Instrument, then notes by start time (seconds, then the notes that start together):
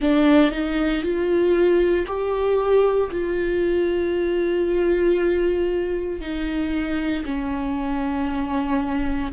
viola
0.00 D4
0.51 D#4
1.02 F4
2.06 G4
3.11 F4
6.20 D#4
7.25 C#4